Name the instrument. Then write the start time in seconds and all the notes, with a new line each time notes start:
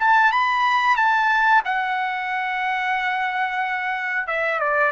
trumpet
0.00 A5
0.33 B5
0.97 A5
1.65 F#5
4.28 E5
4.60 D5